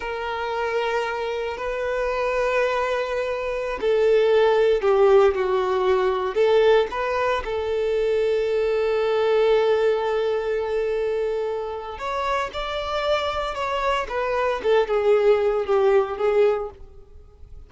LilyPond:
\new Staff \with { instrumentName = "violin" } { \time 4/4 \tempo 4 = 115 ais'2. b'4~ | b'2.~ b'16 a'8.~ | a'4~ a'16 g'4 fis'4.~ fis'16~ | fis'16 a'4 b'4 a'4.~ a'16~ |
a'1~ | a'2. cis''4 | d''2 cis''4 b'4 | a'8 gis'4. g'4 gis'4 | }